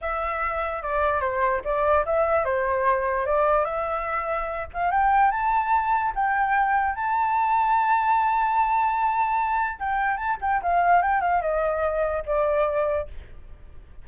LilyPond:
\new Staff \with { instrumentName = "flute" } { \time 4/4 \tempo 4 = 147 e''2 d''4 c''4 | d''4 e''4 c''2 | d''4 e''2~ e''8 f''8 | g''4 a''2 g''4~ |
g''4 a''2.~ | a''1 | g''4 a''8 g''8 f''4 g''8 f''8 | dis''2 d''2 | }